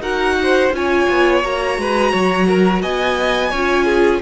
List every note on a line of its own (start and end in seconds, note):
0.00 0.70 D#4
0.00 0.71 F#4
0.00 0.36 A#4
0.00 0.72 F#5
0.43 0.76 C5
0.72 1.07 C#4
0.72 1.43 F4
0.72 1.80 C#5
0.72 1.43 G#5
1.09 1.43 B3
1.43 1.77 A#3
1.43 3.52 F#4
1.43 2.82 A#5
1.77 2.12 G#3
1.77 2.11 B4
2.11 2.82 F#3
2.11 2.46 C#5
2.47 2.82 A#4
2.82 3.52 B3
2.82 3.50 D#5
2.82 4.22 G#5
3.50 4.22 C#4
3.50 4.22 F4
3.50 3.84 C#5
3.84 4.19 G#4